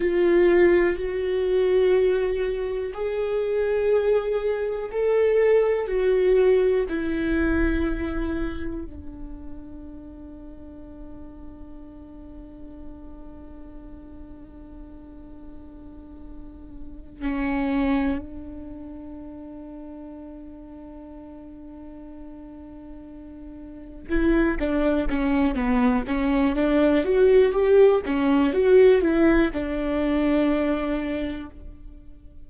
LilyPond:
\new Staff \with { instrumentName = "viola" } { \time 4/4 \tempo 4 = 61 f'4 fis'2 gis'4~ | gis'4 a'4 fis'4 e'4~ | e'4 d'2.~ | d'1~ |
d'4. cis'4 d'4.~ | d'1~ | d'8 e'8 d'8 cis'8 b8 cis'8 d'8 fis'8 | g'8 cis'8 fis'8 e'8 d'2 | }